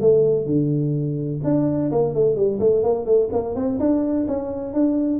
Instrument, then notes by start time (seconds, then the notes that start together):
tuba
0.00 A3
0.45 D3
1.43 D4
1.91 A#3
2.14 A3
2.35 G3
2.59 A3
2.83 A#3
3.05 A3
3.32 A#3
3.55 C4
3.79 D4
4.27 C#4
4.73 D4